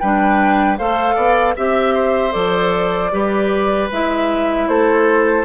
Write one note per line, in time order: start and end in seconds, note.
0.00 0.80 G3
0.00 0.79 D4
0.00 0.78 B4
0.00 0.78 G5
0.78 1.16 A3
0.78 1.56 A4
0.78 1.16 C5
0.78 1.56 F5
1.16 1.55 B3
1.16 1.55 D5
1.57 2.35 C4
1.57 2.32 G4
1.57 1.95 E5
1.57 2.33 E5
1.95 3.12 C5
2.32 3.12 F3
2.32 3.10 A4
2.32 3.89 D5
3.12 3.90 G3
3.12 3.90 G4
3.12 4.69 B4
3.92 4.69 G#3
3.92 5.46 E4
3.92 4.68 E5
4.68 5.46 A3
4.68 5.46 A4
4.68 5.46 C5